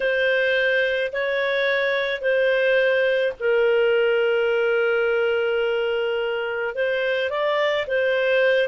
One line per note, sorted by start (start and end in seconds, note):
0.00 1.11 C5
1.12 2.21 C#5
2.21 3.33 C5
3.39 6.74 A#4
6.74 7.29 C5
7.29 7.86 D5
7.87 8.68 C5